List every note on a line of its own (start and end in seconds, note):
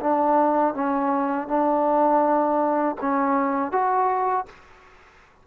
0.00 0.74 D4
0.74 1.48 C#4
1.48 2.96 D4
3.01 3.72 C#4
3.72 4.46 F#4